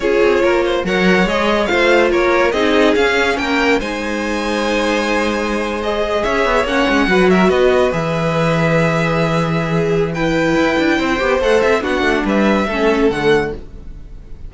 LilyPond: <<
  \new Staff \with { instrumentName = "violin" } { \time 4/4 \tempo 4 = 142 cis''2 fis''4 dis''4 | f''4 cis''4 dis''4 f''4 | g''4 gis''2.~ | gis''4.~ gis''16 dis''4 e''4 fis''16~ |
fis''4~ fis''16 e''8 dis''4 e''4~ e''16~ | e''1 | g''2. fis''8 e''8 | fis''4 e''2 fis''4 | }
  \new Staff \with { instrumentName = "violin" } { \time 4/4 gis'4 ais'8 c''8 cis''2 | c''4 ais'4 gis'2 | ais'4 c''2.~ | c''2~ c''8. cis''4~ cis''16~ |
cis''8. b'8 ais'8 b'2~ b'16~ | b'2. gis'4 | b'2 c''2 | fis'4 b'4 a'2 | }
  \new Staff \with { instrumentName = "viola" } { \time 4/4 f'2 ais'4 gis'4 | f'2 dis'4 cis'4~ | cis'4 dis'2.~ | dis'4.~ dis'16 gis'2 cis'16~ |
cis'8. fis'2 gis'4~ gis'16~ | gis'1 | e'2~ e'8 g'8 a'4 | d'2 cis'4 a4 | }
  \new Staff \with { instrumentName = "cello" } { \time 4/4 cis'8 c'8 ais4 fis4 gis4 | a4 ais4 c'4 cis'4 | ais4 gis2.~ | gis2~ gis8. cis'8 b8 ais16~ |
ais16 gis8 fis4 b4 e4~ e16~ | e1~ | e4 e'8 d'8 c'8 b8 a8 c'8 | b8 a8 g4 a4 d4 | }
>>